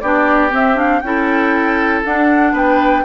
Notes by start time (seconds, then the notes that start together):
0.00 B3 D4 G4 D5
0.49 C4 E5
0.75 D4 F5
1.00 C#4 E4 A4 G5
2.05 D4 F#5
2.53 B3 B4 G5